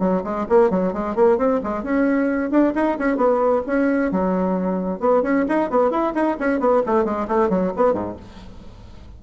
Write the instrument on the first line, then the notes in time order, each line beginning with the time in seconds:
bassoon
0.00 F#3
0.24 G#3
0.49 A#3
0.71 F#3
0.94 G#3
1.16 A#3
1.38 C4
1.64 G#3
1.83 C#4
2.51 D4
2.76 D#4
2.99 C#4
3.17 B3
3.67 C#4
4.12 F#3
5.00 B3
5.23 C#4
5.49 D#4
5.71 B3
5.91 E4
6.15 D#4
6.40 C#4
6.60 B3
6.87 A3
7.05 G#3
7.28 A3
7.50 F#3
7.77 B3
7.94 G#2